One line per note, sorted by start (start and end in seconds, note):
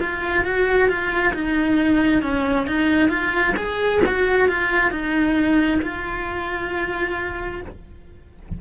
0.00 0.44 F4
0.44 0.88 F#4
0.88 1.33 F4
1.34 2.22 D#4
2.22 2.67 C#4
2.67 3.09 D#4
3.09 3.53 F4
3.57 4.01 G#4
4.06 4.48 F#4
4.48 4.91 F4
4.91 5.80 D#4
5.82 7.61 F4